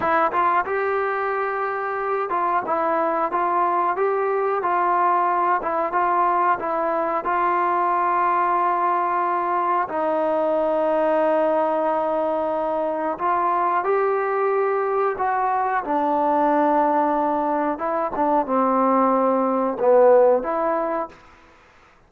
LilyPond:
\new Staff \with { instrumentName = "trombone" } { \time 4/4 \tempo 4 = 91 e'8 f'8 g'2~ g'8 f'8 | e'4 f'4 g'4 f'4~ | f'8 e'8 f'4 e'4 f'4~ | f'2. dis'4~ |
dis'1 | f'4 g'2 fis'4 | d'2. e'8 d'8 | c'2 b4 e'4 | }